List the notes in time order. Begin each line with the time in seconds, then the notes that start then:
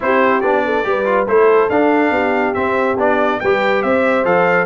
0.00 C4 E4 G4 C5
0.40 B3 D4 D5
0.65 A4
0.83 G3 G4 B4
1.05 F4
1.27 A3 E4 A4 C5
1.69 D4 F5
2.10 B3 G4
2.54 C4 E5
2.98 B3 D4 D5
3.40 G3 G4 B4 G5
3.82 C4 C5 E5
4.24 F3 A4 F5